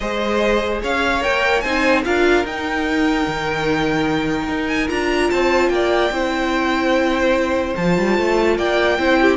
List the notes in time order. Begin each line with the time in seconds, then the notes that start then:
0.00 G#3 G#4 C5 D#5
0.82 C#4 C#5 F5
1.20 A#3 A#4 G5
1.60 C4 D#4 C5 G#5
2.04 D4 F4 A#4 F5
2.44 D#4 G5
3.27 D#3
4.48 D#4
4.67 G#5
4.87 D4 F4 A#5
5.30 C4 C5 A5
5.69 A#3 D5 G5
6.10 C4 E4 C5
7.76 F3 F4 A5
7.97 G3
8.17 A3
8.57 A#3 D5 G5
8.98 C4 E4 C5
9.20 G4